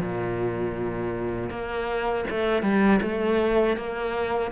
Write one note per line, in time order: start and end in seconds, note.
0.00 1.50 A#2
1.50 2.25 A#3
2.29 2.62 A3
2.62 3.00 G3
3.02 3.76 A3
3.76 4.51 A#3